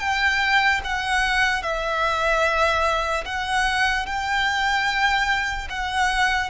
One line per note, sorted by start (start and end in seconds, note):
0.00 0.81 G5
0.84 1.63 F#5
1.63 3.25 E5
3.25 4.06 F#5
4.06 5.68 G5
5.70 6.50 F#5